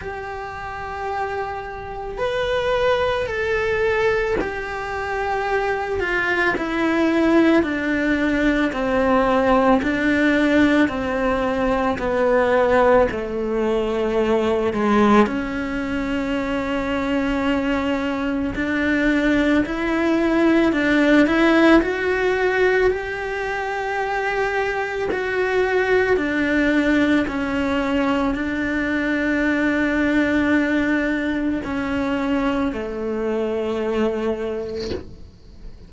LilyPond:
\new Staff \with { instrumentName = "cello" } { \time 4/4 \tempo 4 = 55 g'2 b'4 a'4 | g'4. f'8 e'4 d'4 | c'4 d'4 c'4 b4 | a4. gis8 cis'2~ |
cis'4 d'4 e'4 d'8 e'8 | fis'4 g'2 fis'4 | d'4 cis'4 d'2~ | d'4 cis'4 a2 | }